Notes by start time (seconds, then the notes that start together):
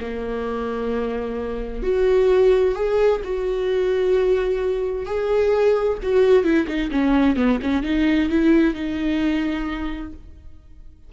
0.00 A#3
1.83 F#4
2.75 G#4
3.24 F#4
5.06 G#4
6.03 F#4
6.44 E4
6.67 D#4
6.91 C#4
7.36 B3
7.62 C#4
7.83 D#4
8.30 E4
8.74 D#4